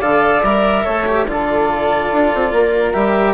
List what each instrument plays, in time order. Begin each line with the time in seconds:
0.00 bassoon D3, cello A4, flute D5, clarinet F5
0.44 bassoon G3, cello A#4, clarinet E5
0.84 bassoon A3, cello A4, flute C#5
1.06 cello G4
1.27 bassoon D3, cello F4, flute A4, clarinet D5
2.13 bassoon D4
2.35 bassoon C4
2.52 bassoon A#3, flute A#4
2.93 bassoon G3, cello G4, clarinet E5